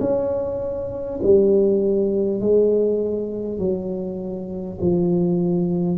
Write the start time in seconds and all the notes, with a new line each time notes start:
0.00 C#4
1.23 G3
2.41 G#3
3.58 F#3
4.81 F3